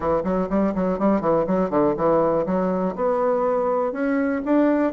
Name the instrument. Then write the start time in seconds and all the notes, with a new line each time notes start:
bassoon
0.00 E3
0.24 F#3
0.49 G3
0.74 F#3
0.99 G3
1.20 E3
1.46 F#3
1.70 D3
1.96 E3
2.45 F#3
2.95 B3
3.92 C#4
4.45 D4